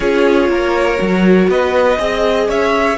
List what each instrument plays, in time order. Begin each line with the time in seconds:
0.00 cello C#4, viola F4, violin G#4 C#5
0.49 cello A#3, violin A#4
0.96 cello F#3, viola F#4
1.48 cello B3, violin B4 D#5
1.98 cello C4, viola G#4, violin D#5
2.48 cello C#4, violin C#5 E5